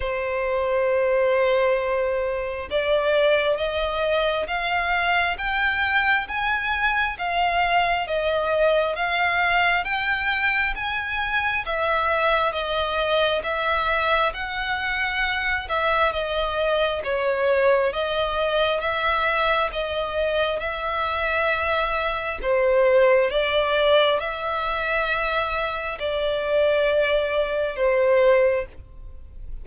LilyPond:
\new Staff \with { instrumentName = "violin" } { \time 4/4 \tempo 4 = 67 c''2. d''4 | dis''4 f''4 g''4 gis''4 | f''4 dis''4 f''4 g''4 | gis''4 e''4 dis''4 e''4 |
fis''4. e''8 dis''4 cis''4 | dis''4 e''4 dis''4 e''4~ | e''4 c''4 d''4 e''4~ | e''4 d''2 c''4 | }